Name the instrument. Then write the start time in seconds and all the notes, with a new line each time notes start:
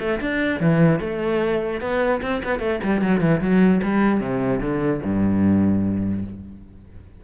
cello
0.00 A3
0.21 D4
0.60 E3
1.00 A3
1.81 B3
2.22 C4
2.44 B3
2.60 A3
2.84 G3
3.02 F#3
3.21 E3
3.41 F#3
3.83 G3
4.20 C3
4.61 D3
5.04 G2